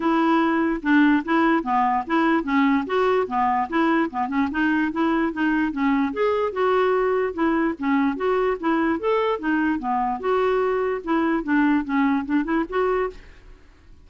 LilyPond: \new Staff \with { instrumentName = "clarinet" } { \time 4/4 \tempo 4 = 147 e'2 d'4 e'4 | b4 e'4 cis'4 fis'4 | b4 e'4 b8 cis'8 dis'4 | e'4 dis'4 cis'4 gis'4 |
fis'2 e'4 cis'4 | fis'4 e'4 a'4 dis'4 | b4 fis'2 e'4 | d'4 cis'4 d'8 e'8 fis'4 | }